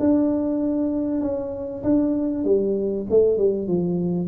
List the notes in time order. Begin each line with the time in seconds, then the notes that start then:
0.00 D4
1.21 C#4
1.84 D4
2.45 G3
3.10 A3
3.38 G3
3.68 F3